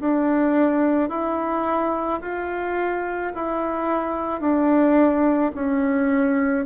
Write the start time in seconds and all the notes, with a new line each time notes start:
0.00 D4
1.09 E4
2.21 F4
3.35 E4
4.40 D4
5.55 C#4